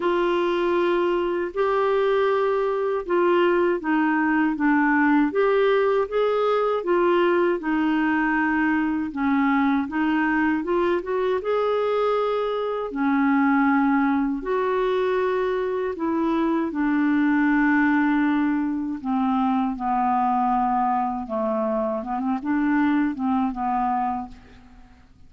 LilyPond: \new Staff \with { instrumentName = "clarinet" } { \time 4/4 \tempo 4 = 79 f'2 g'2 | f'4 dis'4 d'4 g'4 | gis'4 f'4 dis'2 | cis'4 dis'4 f'8 fis'8 gis'4~ |
gis'4 cis'2 fis'4~ | fis'4 e'4 d'2~ | d'4 c'4 b2 | a4 b16 c'16 d'4 c'8 b4 | }